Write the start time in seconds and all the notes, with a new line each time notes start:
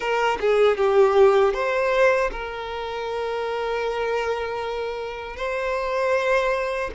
0.00 A#4
0.40 G#4
0.77 G4
1.53 C5
2.31 A#4
5.36 C5